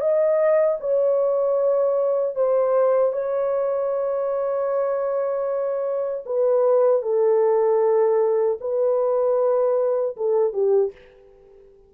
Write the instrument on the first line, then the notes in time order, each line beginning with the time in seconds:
horn
0.00 D#5
0.80 C#5
2.36 C5
3.12 C#5
6.26 B4
7.02 A4
8.60 B4
10.16 A4
10.53 G4